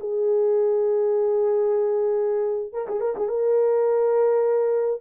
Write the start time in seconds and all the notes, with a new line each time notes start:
0.00 G#4
2.73 A#4
2.88 G#4
3.01 A#4
3.16 G#4
3.28 A#4